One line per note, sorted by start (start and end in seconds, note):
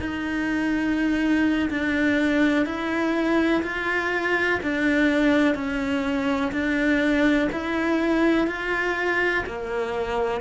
0.00 1.69 D#4
1.70 2.66 D4
2.66 3.63 E4
3.63 4.60 F4
4.63 5.55 D4
5.55 6.52 C#4
6.52 7.49 D4
7.52 8.48 E4
8.48 9.44 F4
9.47 10.41 A#3